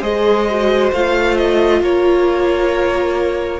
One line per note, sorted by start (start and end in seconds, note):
0.00 0.91 G#3
0.00 0.46 G#4
0.00 1.79 C5
0.00 0.92 D#5
0.50 0.94 F#4
0.92 1.81 A3
0.92 3.60 F4
0.92 1.36 F5
1.36 1.81 D#5
1.81 3.60 A#3
1.81 3.60 A#4
1.81 3.60 C#5